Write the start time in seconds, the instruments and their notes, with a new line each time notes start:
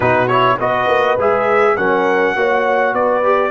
0.00 tuba B2, trombone D#4, horn F#4, trumpet B4
0.27 trombone E4, trumpet C#5
0.58 tuba B3, trombone F#4, horn B4, trumpet D#5
0.87 tuba A#3
1.17 tuba G#3, trombone G#4, trumpet E5
1.76 tuba F#3, trombone C#4, horn A#4, trumpet F#5
2.35 tuba A#3, trombone F#4, horn C#5
2.93 tuba B3, horn B4, trumpet D5
3.23 trombone G4